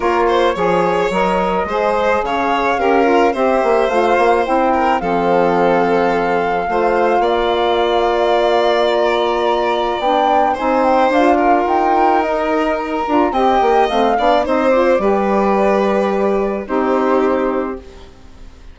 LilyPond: <<
  \new Staff \with { instrumentName = "flute" } { \time 4/4 \tempo 4 = 108 cis''2 dis''2 | f''2 e''4 f''4 | g''4 f''2.~ | f''1 |
ais''2 g''4 gis''8 g''8 | f''4 g''4 dis''4 ais''4 | g''4 f''4 dis''8 d''4.~ | d''2 c''2 | }
  \new Staff \with { instrumentName = "violin" } { \time 4/4 ais'8 c''8 cis''2 c''4 | cis''4 ais'4 c''2~ | c''8 ais'8 a'2. | c''4 d''2.~ |
d''2. c''4~ | c''8 ais'2.~ ais'8 | dis''4. d''8 c''4 b'4~ | b'2 g'2 | }
  \new Staff \with { instrumentName = "saxophone" } { \time 4/4 f'4 gis'4 ais'4 gis'4~ | gis'4 g'8 f'8 g'4 f'4 | e'4 c'2. | f'1~ |
f'2 d'4 dis'4 | f'2 dis'4. f'8 | g'4 c'8 d'8 dis'8 f'8 g'4~ | g'2 dis'2 | }
  \new Staff \with { instrumentName = "bassoon" } { \time 4/4 ais4 f4 fis4 gis4 | cis4 cis'4 c'8 ais8 a8 ais8 | c'4 f2. | a4 ais2.~ |
ais2 b4 c'4 | d'4 dis'2~ dis'8 d'8 | c'8 ais8 a8 b8 c'4 g4~ | g2 c'2 | }
>>